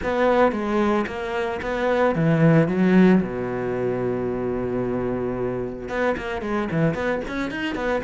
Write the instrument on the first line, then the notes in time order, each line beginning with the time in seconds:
cello
0.03 B3
0.51 G#3
1.07 A#3
1.62 B3
2.15 E3
2.68 F#3
3.22 B2
5.89 B3
6.17 A#3
6.41 G#3
6.71 E3
6.94 B3
7.28 C#4
7.50 D#4
7.75 B3